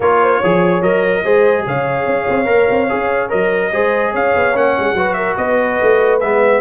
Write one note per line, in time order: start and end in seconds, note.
0.00 0.41 A#3
0.00 0.43 F4
0.00 0.18 A#4
0.00 0.82 C#5
0.22 0.38 C5
0.38 0.81 F3
0.38 0.82 G#4
0.38 1.21 C#5
0.81 1.23 F#3
0.81 1.24 A#4
0.81 1.65 D#5
1.24 1.65 G#3
1.24 2.45 G#4
1.24 1.65 C5
1.66 2.06 C#3
1.66 3.73 C#5
1.66 3.30 F5
2.06 2.27 C#4
2.28 2.47 C4
2.45 2.67 A#3
2.45 2.86 A#4
2.70 2.90 C4
2.89 3.32 C#4
2.89 3.29 G#4
3.29 3.72 F#3
3.29 3.70 A#4
3.29 4.13 D#5
3.72 4.14 G#3
3.72 4.54 G#4
3.72 4.11 C5
4.11 4.34 C#4
4.11 4.94 C#5
4.11 4.56 F5
4.35 4.55 B3
4.54 4.76 A#3
4.54 4.95 C#4
4.54 5.13 F#5
4.79 4.93 G#3
4.93 5.34 F#3
4.93 6.20 F#4
4.93 5.16 B4
5.13 5.37 A#4
5.13 5.34 E5
5.37 5.79 B3
5.37 6.61 B4
5.37 6.19 D#5
5.81 6.21 A3
6.20 6.61 G#3
6.20 6.61 B3
6.20 6.61 E5